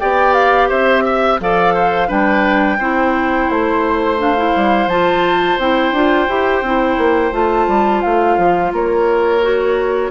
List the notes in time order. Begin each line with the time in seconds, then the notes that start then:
0.00 B3 G4 D5 G5
0.34 F5
0.69 C4 C5 E5
1.05 E5
1.40 F3 A4 D5 F5
1.75 C5
2.08 G3 D4 B4 G5
2.79 C4 E4 C5
3.50 A3 C5
4.19 D4 F5
4.37 E4
4.56 G3
4.87 F3 F4 A5
5.59 C4 E4 G5
5.92 D4 F4
6.29 E4 G4
6.62 C4 E4
6.98 A#3
7.32 A3 F4 A5
7.68 G3
8.02 A3 F5
8.38 F3
8.73 A#3 A#4 C#5
9.42 F#4